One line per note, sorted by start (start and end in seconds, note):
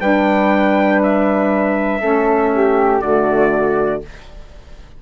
0.00 2.00 G3
0.00 2.00 D4
0.00 2.00 B4
0.00 1.00 G5
1.02 3.00 E5
2.00 3.01 A3
2.00 3.00 C#4
2.00 2.50 A4
2.54 3.01 G4
3.00 4.01 D3
3.00 4.00 A3
3.00 4.01 F#4
3.00 4.00 D5